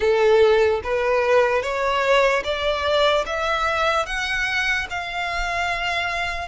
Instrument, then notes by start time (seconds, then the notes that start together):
violin
0.00 A4
0.83 B4
1.62 C#5
2.43 D5
3.25 E5
4.05 F#5
4.89 F5